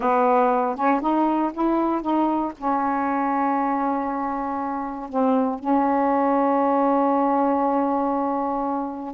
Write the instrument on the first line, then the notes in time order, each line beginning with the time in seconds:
saxophone
0.00 B3
0.75 C#4
1.00 D#4
1.53 E4
2.01 D#4
2.57 C#4
5.09 C4
5.59 C#4